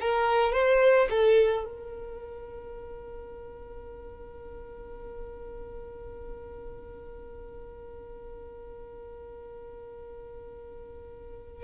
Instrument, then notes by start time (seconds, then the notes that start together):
violin
0.00 A#4
0.52 C5
1.09 A4
1.64 A#4